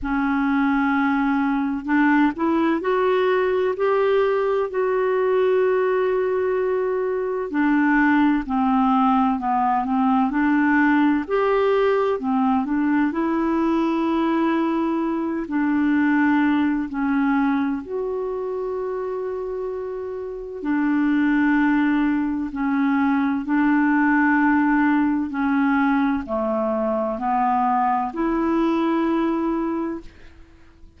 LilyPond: \new Staff \with { instrumentName = "clarinet" } { \time 4/4 \tempo 4 = 64 cis'2 d'8 e'8 fis'4 | g'4 fis'2. | d'4 c'4 b8 c'8 d'4 | g'4 c'8 d'8 e'2~ |
e'8 d'4. cis'4 fis'4~ | fis'2 d'2 | cis'4 d'2 cis'4 | a4 b4 e'2 | }